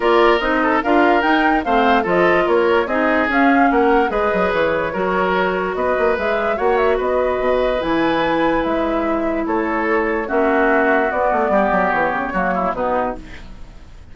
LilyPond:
<<
  \new Staff \with { instrumentName = "flute" } { \time 4/4 \tempo 4 = 146 d''4 dis''4 f''4 g''4 | f''4 dis''4 cis''4 dis''4 | f''4 fis''4 dis''4 cis''4~ | cis''2 dis''4 e''4 |
fis''8 e''8 dis''2 gis''4~ | gis''4 e''2 cis''4~ | cis''4 e''2 d''4~ | d''4 cis''2 b'4 | }
  \new Staff \with { instrumentName = "oboe" } { \time 4/4 ais'4. a'8 ais'2 | c''4 a'4 ais'4 gis'4~ | gis'4 ais'4 b'2 | ais'2 b'2 |
cis''4 b'2.~ | b'2. a'4~ | a'4 fis'2. | g'2 fis'8 e'8 dis'4 | }
  \new Staff \with { instrumentName = "clarinet" } { \time 4/4 f'4 dis'4 f'4 dis'4 | c'4 f'2 dis'4 | cis'2 gis'2 | fis'2. gis'4 |
fis'2. e'4~ | e'1~ | e'4 cis'2 b4~ | b2 ais4 b4 | }
  \new Staff \with { instrumentName = "bassoon" } { \time 4/4 ais4 c'4 d'4 dis'4 | a4 f4 ais4 c'4 | cis'4 ais4 gis8 fis8 e4 | fis2 b8 ais8 gis4 |
ais4 b4 b,4 e4~ | e4 gis2 a4~ | a4 ais2 b8 a8 | g8 fis8 e8 cis8 fis4 b,4 | }
>>